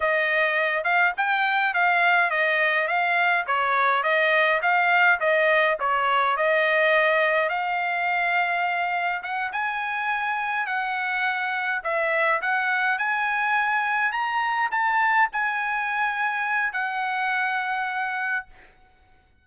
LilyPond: \new Staff \with { instrumentName = "trumpet" } { \time 4/4 \tempo 4 = 104 dis''4. f''8 g''4 f''4 | dis''4 f''4 cis''4 dis''4 | f''4 dis''4 cis''4 dis''4~ | dis''4 f''2. |
fis''8 gis''2 fis''4.~ | fis''8 e''4 fis''4 gis''4.~ | gis''8 ais''4 a''4 gis''4.~ | gis''4 fis''2. | }